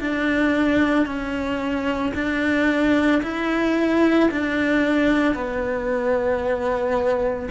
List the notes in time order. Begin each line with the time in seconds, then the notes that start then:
0.00 D4
1.05 C#4
2.14 D4
3.22 E4
4.31 D4
5.34 B3